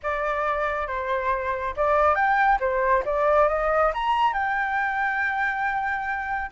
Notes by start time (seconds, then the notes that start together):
0.02 D5
0.87 C5
1.76 D5
2.15 G5
2.60 C5
3.05 D5
3.48 D#5
3.93 A#5
4.33 G5